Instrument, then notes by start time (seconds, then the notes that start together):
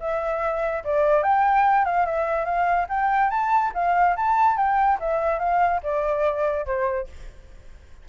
flute
0.00 E5
0.84 D5
1.23 G5
1.85 F5
2.06 E5
2.45 F5
2.89 G5
3.30 A5
3.74 F5
4.16 A5
4.57 G5
5.00 E5
5.39 F5
5.83 D5
6.66 C5